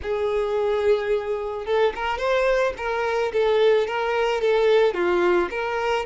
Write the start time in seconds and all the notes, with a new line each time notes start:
0.02 G#4
1.65 A4
1.95 A#4
2.18 C5
2.77 A#4
3.32 A4
3.87 A#4
4.41 A4
4.94 F4
5.50 A#4